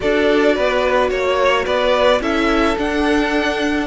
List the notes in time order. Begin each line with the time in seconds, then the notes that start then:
0.00 D4 F#4 A4 D5
0.54 B3 B4
1.09 A#3 C#5
1.65 B3 B4 D5
2.20 C#4 E4 A4 E5
2.77 D4 F#5